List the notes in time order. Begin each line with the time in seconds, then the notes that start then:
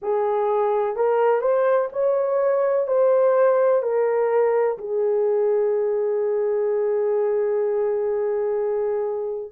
0.02 G#4
0.96 A#4
1.41 C5
1.92 C#5
2.87 C5
3.82 A#4
4.78 G#4